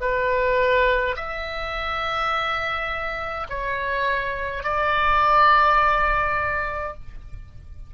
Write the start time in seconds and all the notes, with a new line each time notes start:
0.00 B4
1.16 E5
3.49 C#5
4.63 D5